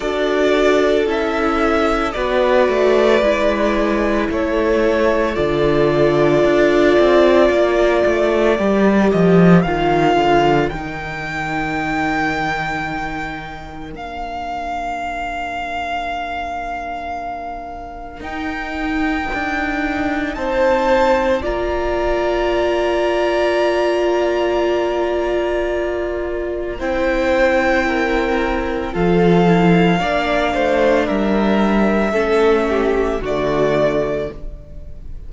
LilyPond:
<<
  \new Staff \with { instrumentName = "violin" } { \time 4/4 \tempo 4 = 56 d''4 e''4 d''2 | cis''4 d''2.~ | d''8 dis''8 f''4 g''2~ | g''4 f''2.~ |
f''4 g''2 a''4 | ais''1~ | ais''4 g''2 f''4~ | f''4 e''2 d''4 | }
  \new Staff \with { instrumentName = "violin" } { \time 4/4 a'2 b'2 | a'2. ais'4~ | ais'1~ | ais'1~ |
ais'2. c''4 | d''1~ | d''4 c''4 ais'4 a'4 | d''8 c''8 ais'4 a'8 g'8 fis'4 | }
  \new Staff \with { instrumentName = "viola" } { \time 4/4 fis'4 e'4 fis'4 e'4~ | e'4 f'2. | g'4 f'4 dis'2~ | dis'4 d'2.~ |
d'4 dis'2. | f'1~ | f'4 e'2 f'8 e'8 | d'2 cis'4 a4 | }
  \new Staff \with { instrumentName = "cello" } { \time 4/4 d'4 cis'4 b8 a8 gis4 | a4 d4 d'8 c'8 ais8 a8 | g8 f8 dis8 d8 dis2~ | dis4 ais2.~ |
ais4 dis'4 d'4 c'4 | ais1~ | ais4 c'2 f4 | ais8 a8 g4 a4 d4 | }
>>